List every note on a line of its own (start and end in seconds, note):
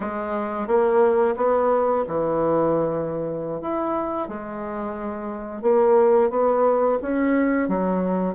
0.00 0.67 G#3
0.67 1.35 A#3
1.36 2.04 B3
2.07 3.61 E3
3.61 4.28 E4
4.28 5.62 G#3
5.62 6.30 A#3
6.30 6.98 B3
7.02 7.68 C#4
7.68 8.34 F#3